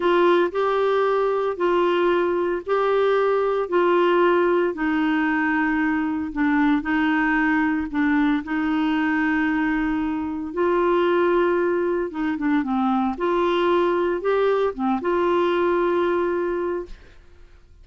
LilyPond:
\new Staff \with { instrumentName = "clarinet" } { \time 4/4 \tempo 4 = 114 f'4 g'2 f'4~ | f'4 g'2 f'4~ | f'4 dis'2. | d'4 dis'2 d'4 |
dis'1 | f'2. dis'8 d'8 | c'4 f'2 g'4 | c'8 f'2.~ f'8 | }